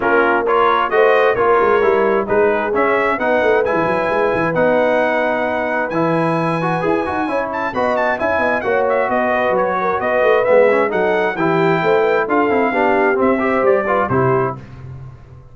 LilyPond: <<
  \new Staff \with { instrumentName = "trumpet" } { \time 4/4 \tempo 4 = 132 ais'4 cis''4 dis''4 cis''4~ | cis''4 b'4 e''4 fis''4 | gis''2 fis''2~ | fis''4 gis''2.~ |
gis''8 a''8 b''8 a''8 gis''4 fis''8 e''8 | dis''4 cis''4 dis''4 e''4 | fis''4 g''2 f''4~ | f''4 e''4 d''4 c''4 | }
  \new Staff \with { instrumentName = "horn" } { \time 4/4 f'4 ais'4 c''4 ais'4~ | ais'4 gis'2 b'4~ | b'1~ | b'1 |
cis''4 dis''4 e''8 dis''8 cis''4 | b8 b'4 ais'8 b'2 | a'4 g'4 c''8 b'8 a'4 | g'4. c''4 b'8 g'4 | }
  \new Staff \with { instrumentName = "trombone" } { \time 4/4 cis'4 f'4 fis'4 f'4 | e'4 dis'4 cis'4 dis'4 | e'2 dis'2~ | dis'4 e'4. fis'8 gis'8 fis'8 |
e'4 fis'4 e'4 fis'4~ | fis'2. b8 cis'8 | dis'4 e'2 f'8 e'8 | d'4 c'8 g'4 f'8 e'4 | }
  \new Staff \with { instrumentName = "tuba" } { \time 4/4 ais2 a4 ais8 gis8 | g4 gis4 cis'4 b8 a8 | gis16 e16 fis8 gis8 e8 b2~ | b4 e2 e'8 dis'8 |
cis'4 b4 cis'8 b8 ais4 | b4 fis4 b8 a8 gis4 | fis4 e4 a4 d'8 c'8 | b4 c'4 g4 c4 | }
>>